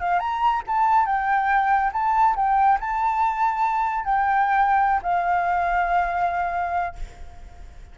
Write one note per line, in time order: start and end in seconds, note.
0.00 0.19 F5
0.19 0.62 A#5
0.67 1.06 A5
1.06 1.91 G5
1.92 2.35 A5
2.36 2.79 G5
2.80 4.04 A5
4.04 5.01 G5
5.02 6.95 F5